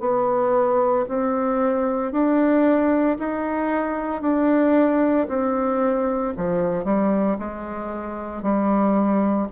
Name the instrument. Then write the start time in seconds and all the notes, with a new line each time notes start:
bassoon
0.00 B3
1.09 C4
2.12 D4
3.19 D#4
4.22 D4
5.28 C4
6.37 F3
6.85 G3
7.39 G#3
8.43 G3